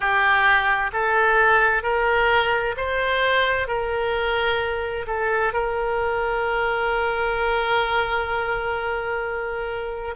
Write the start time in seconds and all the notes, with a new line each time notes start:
0.00 G4
0.92 A4
1.83 A#4
2.77 C5
3.67 A#4
5.06 A4
5.53 A#4